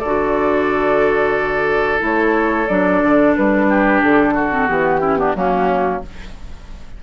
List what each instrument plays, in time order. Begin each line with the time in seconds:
0.00 bassoon D3, oboe A4, flute D5
0.06 clarinet F#4
1.99 bassoon A3, clarinet E4, flute C#5
2.68 bassoon F#3, clarinet D4, flute D5
3.03 bassoon D3
3.36 bassoon G3, flute B4
3.69 oboe G4
4.03 bassoon D3, flute A4
4.34 oboe F#4
4.52 clarinet C4
4.67 bassoon E3, clarinet B3, flute G4
5.01 clarinet C#4, oboe E4
5.18 clarinet B3, oboe D4
5.35 bassoon F#3, clarinet A#3, oboe C#4, flute F#4